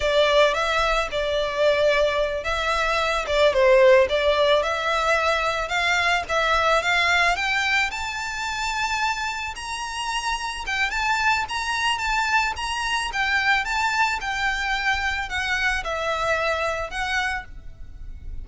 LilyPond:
\new Staff \with { instrumentName = "violin" } { \time 4/4 \tempo 4 = 110 d''4 e''4 d''2~ | d''8 e''4. d''8 c''4 d''8~ | d''8 e''2 f''4 e''8~ | e''8 f''4 g''4 a''4.~ |
a''4. ais''2 g''8 | a''4 ais''4 a''4 ais''4 | g''4 a''4 g''2 | fis''4 e''2 fis''4 | }